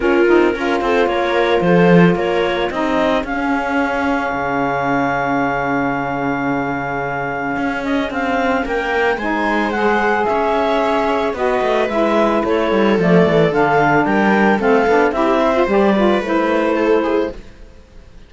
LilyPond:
<<
  \new Staff \with { instrumentName = "clarinet" } { \time 4/4 \tempo 4 = 111 ais'4. c''8 cis''4 c''4 | cis''4 dis''4 f''2~ | f''1~ | f''2~ f''8 dis''8 f''4 |
g''4 gis''4 fis''4 e''4~ | e''4 dis''4 e''4 cis''4 | d''4 f''4 g''4 f''4 | e''4 d''4 c''2 | }
  \new Staff \with { instrumentName = "viola" } { \time 4/4 f'4 ais'8 a'8 ais'4 a'4 | ais'4 gis'2.~ | gis'1~ | gis'1 |
ais'4 c''2 cis''4~ | cis''4 b'2 a'4~ | a'2 ais'4 a'4 | g'8 c''4 b'4. a'8 gis'8 | }
  \new Staff \with { instrumentName = "saxophone" } { \time 4/4 cis'8 dis'8 f'2.~ | f'4 dis'4 cis'2~ | cis'1~ | cis'1~ |
cis'4 dis'4 gis'2~ | gis'4 fis'4 e'2 | a4 d'2 c'8 d'8 | e'8. f'16 g'8 f'8 e'2 | }
  \new Staff \with { instrumentName = "cello" } { \time 4/4 ais8 c'8 cis'8 c'8 ais4 f4 | ais4 c'4 cis'2 | cis1~ | cis2 cis'4 c'4 |
ais4 gis2 cis'4~ | cis'4 b8 a8 gis4 a8 g8 | f8 e8 d4 g4 a8 b8 | c'4 g4 a2 | }
>>